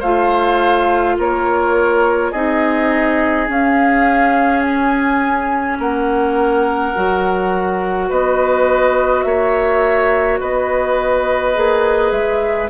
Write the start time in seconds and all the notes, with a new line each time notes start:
0.00 A3 F4 C5 F5
1.19 A#3 A#4 C#5
2.32 C4 D#4 G#4 D#5
3.48 C#4 F5
4.62 G#5
5.79 A#3 A#4 F#5
6.95 F#3 F#4
8.09 B3 B4 D#5
9.23 A#3 C#5 E5
10.40 B3 B4 D#5
11.55 A#3 G#4
12.12 G#3 E5